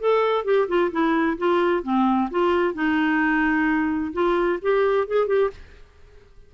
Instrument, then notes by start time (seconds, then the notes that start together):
clarinet
0.00 A4
0.45 G4
0.68 F4
0.92 E4
1.38 F4
1.83 C4
2.31 F4
2.74 D#4
4.13 F4
4.62 G4
5.07 G#4
5.27 G4